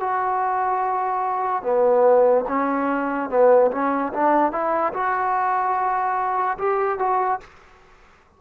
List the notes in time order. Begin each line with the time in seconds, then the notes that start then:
0.00 F#4
1.63 B3
2.48 C#4
3.30 B3
3.71 C#4
4.13 D4
4.52 E4
4.93 F#4
6.58 G4
6.99 F#4